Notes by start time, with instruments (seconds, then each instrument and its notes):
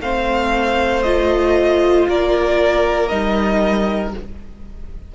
0.00 cello A3, viola C4, violin C5 F5
1.03 viola F4, violin D#5
2.09 cello A#3, violin A#4 D5
3.09 cello G3, viola D#4, violin D#5